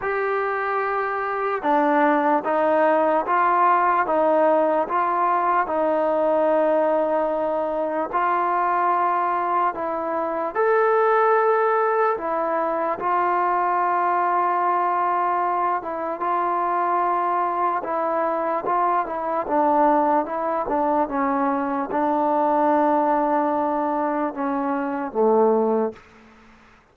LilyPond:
\new Staff \with { instrumentName = "trombone" } { \time 4/4 \tempo 4 = 74 g'2 d'4 dis'4 | f'4 dis'4 f'4 dis'4~ | dis'2 f'2 | e'4 a'2 e'4 |
f'2.~ f'8 e'8 | f'2 e'4 f'8 e'8 | d'4 e'8 d'8 cis'4 d'4~ | d'2 cis'4 a4 | }